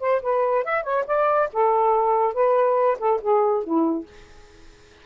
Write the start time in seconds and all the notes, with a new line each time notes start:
0.00 C5
0.22 B4
0.64 E5
0.83 C#5
1.06 D5
1.53 A4
2.34 B4
2.99 A4
3.21 G#4
3.63 E4